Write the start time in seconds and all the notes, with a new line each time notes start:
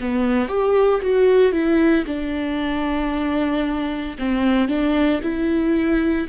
0.00 B3
0.48 G4
1.01 F#4
1.52 E4
2.06 D4
4.18 C4
4.68 D4
5.22 E4